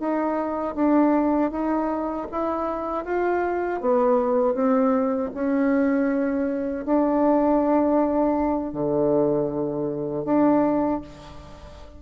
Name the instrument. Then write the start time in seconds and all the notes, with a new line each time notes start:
bassoon
0.00 D#4
0.75 D4
1.52 D#4
2.32 E4
3.05 F4
3.81 B3
4.55 C4
5.35 C#4
6.86 D4
8.74 D3
10.25 D4